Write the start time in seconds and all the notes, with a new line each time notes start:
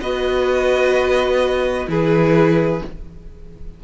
0.00 B3 F#4 B4 D#5
1.87 E3 E4 G#4 B4